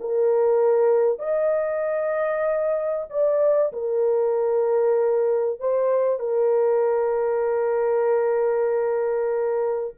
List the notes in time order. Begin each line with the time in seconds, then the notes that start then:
0.00 A#4
1.19 D#5
3.10 D5
3.72 A#4
5.60 C5
6.19 A#4